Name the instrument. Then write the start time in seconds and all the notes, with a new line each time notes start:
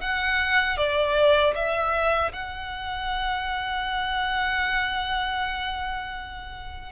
violin
0.00 F#5
0.77 D5
1.55 E5
2.32 F#5